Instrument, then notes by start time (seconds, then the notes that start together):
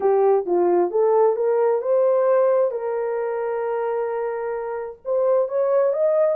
horn
0.00 G4
0.45 F4
0.90 A4
1.36 A#4
1.81 C5
2.71 A#4
5.04 C5
5.48 C#5
5.93 D#5